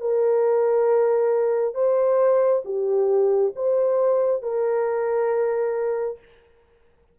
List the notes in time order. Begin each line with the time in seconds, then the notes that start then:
0.00 A#4
1.74 C5
2.64 G4
3.55 C5
4.42 A#4